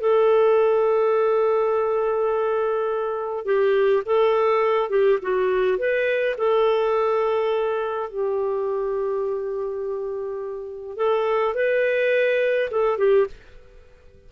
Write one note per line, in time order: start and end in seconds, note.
0.00 3.45 A4
3.45 4.03 G4
4.05 4.89 A4
4.89 5.18 G4
5.22 5.77 F#4
5.77 6.35 B4
6.37 8.09 A4
8.09 10.97 G4
10.97 11.54 A4
11.54 12.69 B4
12.71 12.98 A4
12.98 13.26 G4